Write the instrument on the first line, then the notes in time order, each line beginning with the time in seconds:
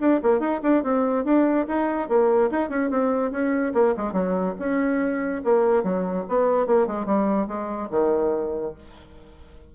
bassoon
0.00 D4
0.23 A#3
0.40 D#4
0.63 D4
0.84 C4
1.25 D4
1.68 D#4
2.09 A#3
2.51 D#4
2.70 C#4
2.91 C4
3.31 C#4
3.74 A#3
3.97 G#3
4.13 F#3
4.59 C#4
5.44 A#3
5.84 F#3
6.29 B3
6.67 A#3
6.87 G#3
7.06 G3
7.48 G#3
7.91 D#3